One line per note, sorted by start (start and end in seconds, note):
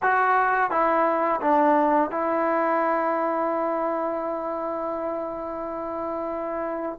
0.02 0.70 F#4
0.70 1.40 E4
1.41 2.10 D4
2.10 6.99 E4